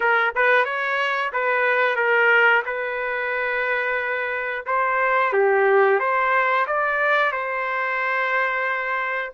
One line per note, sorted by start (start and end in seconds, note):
0.00 0.33 A#4
0.35 0.65 B4
0.65 1.31 C#5
1.32 1.96 B4
1.96 2.62 A#4
2.65 4.65 B4
4.65 5.32 C5
5.32 5.99 G4
5.99 6.66 C5
6.66 7.32 D5
7.32 9.32 C5